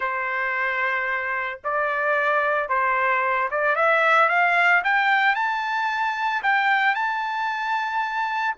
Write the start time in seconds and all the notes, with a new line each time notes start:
0.00 C5
1.63 D5
2.69 C5
3.50 D5
3.75 E5
4.29 F5
4.84 G5
5.35 A5
6.42 G5
6.94 A5